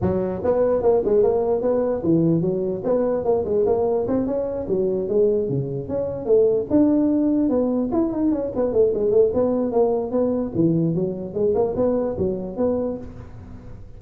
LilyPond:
\new Staff \with { instrumentName = "tuba" } { \time 4/4 \tempo 4 = 148 fis4 b4 ais8 gis8 ais4 | b4 e4 fis4 b4 | ais8 gis8 ais4 c'8 cis'4 fis8~ | fis8 gis4 cis4 cis'4 a8~ |
a8 d'2 b4 e'8 | dis'8 cis'8 b8 a8 gis8 a8 b4 | ais4 b4 e4 fis4 | gis8 ais8 b4 fis4 b4 | }